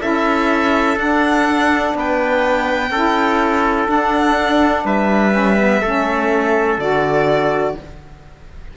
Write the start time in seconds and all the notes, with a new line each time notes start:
0.00 C#4 E4 A4 E5
0.97 D4 F#5
1.95 B3 B4 G5
2.91 C#4 E4 A4
3.87 D4 F#5
4.85 G3 B4 E5
5.32 C#4
5.58 B3
5.81 A3 C#4 A4
6.79 D3 F#4 D5